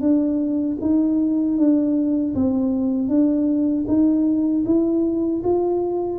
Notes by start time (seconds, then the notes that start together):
0.00 D4
0.80 D#4
1.57 D4
2.34 C4
3.08 D4
3.87 D#4
4.65 E4
5.43 F4